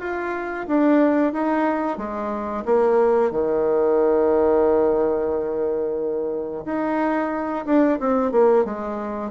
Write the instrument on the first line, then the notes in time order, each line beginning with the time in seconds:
bassoon
0.00 F4
0.68 D4
1.33 D#4
1.98 G#3
2.65 A#3
3.32 D#3
6.65 D#4
7.66 D4
8.00 C4
8.32 A#3
8.65 G#3